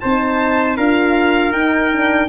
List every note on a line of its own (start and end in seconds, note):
0.00 0.77 C4
0.00 0.78 D#4
0.00 0.77 C5
0.00 0.76 A5
0.77 1.51 D4
0.77 1.53 F4
0.77 2.29 A#4
0.77 1.52 F5
1.51 2.27 D#4
1.51 1.91 D#4
1.51 2.28 G5
1.91 2.29 D4